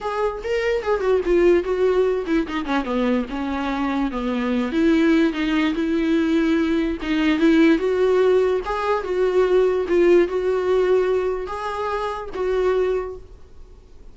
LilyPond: \new Staff \with { instrumentName = "viola" } { \time 4/4 \tempo 4 = 146 gis'4 ais'4 gis'8 fis'8 f'4 | fis'4. e'8 dis'8 cis'8 b4 | cis'2 b4. e'8~ | e'4 dis'4 e'2~ |
e'4 dis'4 e'4 fis'4~ | fis'4 gis'4 fis'2 | f'4 fis'2. | gis'2 fis'2 | }